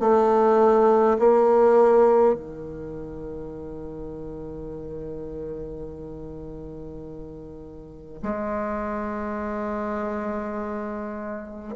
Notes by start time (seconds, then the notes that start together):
0.00 A3
1.19 A#3
2.34 D#3
8.22 G#3